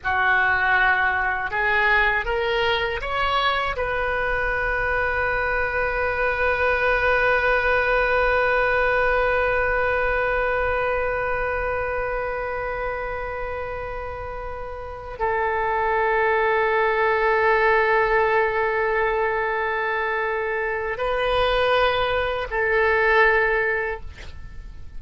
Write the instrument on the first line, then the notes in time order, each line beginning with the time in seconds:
oboe
0.03 F#4
1.50 G#4
2.25 A#4
3.01 C#5
3.76 B4
15.18 A4
20.97 B4
22.50 A4